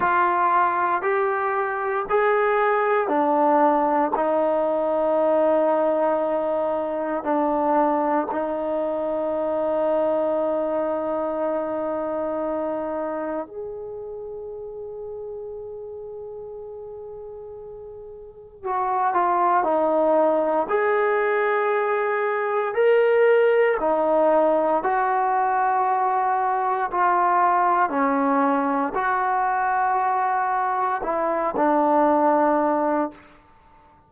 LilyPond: \new Staff \with { instrumentName = "trombone" } { \time 4/4 \tempo 4 = 58 f'4 g'4 gis'4 d'4 | dis'2. d'4 | dis'1~ | dis'4 gis'2.~ |
gis'2 fis'8 f'8 dis'4 | gis'2 ais'4 dis'4 | fis'2 f'4 cis'4 | fis'2 e'8 d'4. | }